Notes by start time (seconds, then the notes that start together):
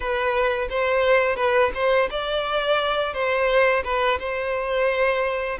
0.00 B4
0.69 C5
1.36 B4
1.74 C5
2.10 D5
3.13 C5
3.84 B4
4.19 C5